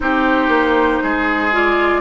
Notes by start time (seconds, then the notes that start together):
0.00 C4 D#4 G4 C5
0.48 A#3
1.03 G#3 G#4
1.52 F4 D5